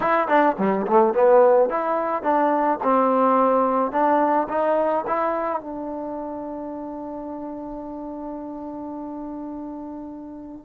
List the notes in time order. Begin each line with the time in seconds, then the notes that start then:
0.00 E4
0.28 D4
0.58 G3
0.87 A3
1.14 B3
1.69 E4
2.23 D4
2.83 C4
3.91 D4
4.49 D#4
5.07 E4
5.60 D4